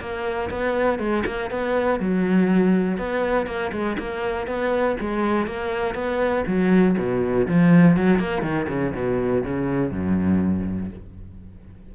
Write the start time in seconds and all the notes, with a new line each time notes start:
0.00 A#3
0.50 B3
0.99 G#3
1.26 A#3
1.50 B3
1.99 F#3
2.97 B3
3.46 A#3
3.72 G#3
3.98 A#3
4.47 B3
5.00 G#3
5.46 A#3
5.94 B3
6.46 F#3
6.97 B2
7.47 F3
7.96 F#3
8.19 A#3
8.42 D#3
8.68 C#3
8.94 B2
9.44 C#3
9.91 F#2